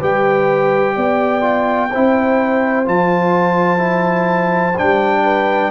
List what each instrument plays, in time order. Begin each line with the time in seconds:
0.00 tuba G3, trombone G4, horn B4, trumpet G5
0.96 tuba B3, horn D5
1.41 trombone F4
1.91 tuba C4, trombone E4, horn C5
2.85 tuba F3, trombone F4, trumpet A5
3.78 trombone E4
4.78 tuba G3, trombone D4, trumpet G5
5.24 horn B4